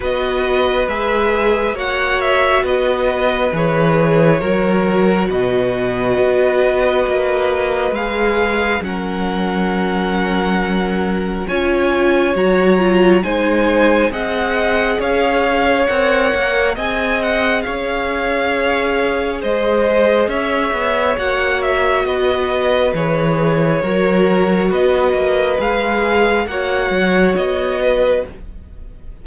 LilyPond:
<<
  \new Staff \with { instrumentName = "violin" } { \time 4/4 \tempo 4 = 68 dis''4 e''4 fis''8 e''8 dis''4 | cis''2 dis''2~ | dis''4 f''4 fis''2~ | fis''4 gis''4 ais''4 gis''4 |
fis''4 f''4 fis''4 gis''8 fis''8 | f''2 dis''4 e''4 | fis''8 e''8 dis''4 cis''2 | dis''4 f''4 fis''4 dis''4 | }
  \new Staff \with { instrumentName = "violin" } { \time 4/4 b'2 cis''4 b'4~ | b'4 ais'4 b'2~ | b'2 ais'2~ | ais'4 cis''2 c''4 |
dis''4 cis''2 dis''4 | cis''2 c''4 cis''4~ | cis''4 b'2 ais'4 | b'2 cis''4. b'8 | }
  \new Staff \with { instrumentName = "viola" } { \time 4/4 fis'4 gis'4 fis'2 | gis'4 fis'2.~ | fis'4 gis'4 cis'2~ | cis'4 f'4 fis'8 f'8 dis'4 |
gis'2 ais'4 gis'4~ | gis'1 | fis'2 gis'4 fis'4~ | fis'4 gis'4 fis'2 | }
  \new Staff \with { instrumentName = "cello" } { \time 4/4 b4 gis4 ais4 b4 | e4 fis4 b,4 b4 | ais4 gis4 fis2~ | fis4 cis'4 fis4 gis4 |
c'4 cis'4 c'8 ais8 c'4 | cis'2 gis4 cis'8 b8 | ais4 b4 e4 fis4 | b8 ais8 gis4 ais8 fis8 b4 | }
>>